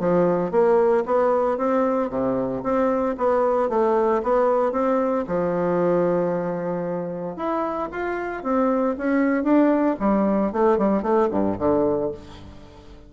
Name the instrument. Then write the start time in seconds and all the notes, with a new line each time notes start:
bassoon
0.00 F3
0.52 A#3
1.06 B3
1.58 C4
2.10 C3
2.63 C4
3.18 B3
3.70 A3
4.23 B3
4.72 C4
5.28 F3
7.37 E4
7.92 F4
8.44 C4
8.98 C#4
9.44 D4
10.00 G3
10.53 A3
10.78 G3
11.03 A3
11.31 G2
11.59 D3